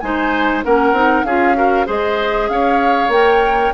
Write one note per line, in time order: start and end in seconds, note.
0.00 0.64 G#3
0.00 0.64 D#4
0.00 0.65 C5
0.00 0.62 G#5
0.64 0.92 A#3
0.64 0.94 C#4
0.64 1.26 A#4
0.64 1.24 F#5
0.92 1.23 C4
0.92 1.25 D#4
1.24 1.86 C#4
1.24 1.55 F4
1.24 1.57 G#4
1.24 1.86 F5
1.55 1.86 F#4
1.55 1.86 A#4
1.86 2.49 G#3
1.86 3.09 G#4
1.86 2.48 C5
1.86 2.49 D#5
2.49 3.08 C#4
2.49 3.74 C#5
2.49 3.11 F5
3.08 3.70 A#3
3.08 3.74 A#4
3.08 3.74 G5